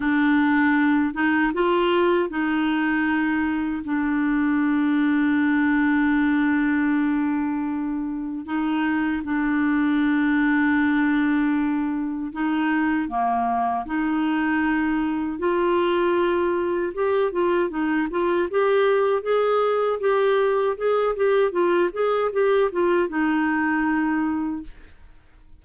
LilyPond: \new Staff \with { instrumentName = "clarinet" } { \time 4/4 \tempo 4 = 78 d'4. dis'8 f'4 dis'4~ | dis'4 d'2.~ | d'2. dis'4 | d'1 |
dis'4 ais4 dis'2 | f'2 g'8 f'8 dis'8 f'8 | g'4 gis'4 g'4 gis'8 g'8 | f'8 gis'8 g'8 f'8 dis'2 | }